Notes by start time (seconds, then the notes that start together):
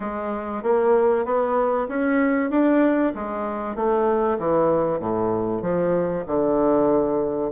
0.00 G#3
0.62 A#3
1.25 B3
1.88 C#4
2.50 D4
3.14 G#3
3.75 A3
4.39 E3
4.99 A2
5.62 F3
6.26 D3